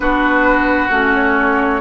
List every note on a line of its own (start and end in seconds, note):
0.00 0.87 B3
0.00 0.90 D4
0.00 1.81 F#4
0.00 0.89 B4
0.89 1.81 A3
0.89 1.81 C#4
0.89 1.11 F#4
1.14 1.81 C#5